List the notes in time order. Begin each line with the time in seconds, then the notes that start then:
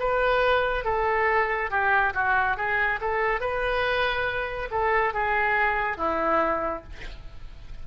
0.00 B4
0.85 A4
1.71 G4
2.14 F#4
2.57 G#4
3.02 A4
3.41 B4
4.71 A4
5.14 G#4
5.98 E4